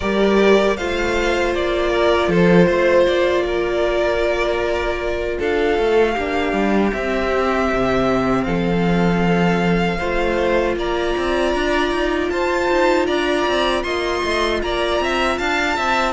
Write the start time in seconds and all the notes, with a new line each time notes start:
0.00 G3 G4 A#4 D5
0.76 A3 F4 C5 F5
1.54 A#3 D5
1.90 A#4
2.27 F3 A4 C5
2.66 A3 C5
3.06 A#3 D5
3.45 A#4
5.39 D4 A4 F5
5.78 A3
6.14 A#3 D4 G4
6.53 G3
6.91 C4 E5
7.72 C3
8.44 F3 A4 F5
9.98 A3 F4 C5
10.76 A#3 D5 A#5
11.17 C4
11.54 D4
11.91 D#4
12.30 F4 C5 A5
12.70 D#4
13.06 D4 D5 A#5
13.47 C4
13.83 A#3 D#5 C6
14.23 A3
14.62 A#3 D5 A#5
15.00 C4 E5
15.37 D4 F5 A5
15.76 C4 E5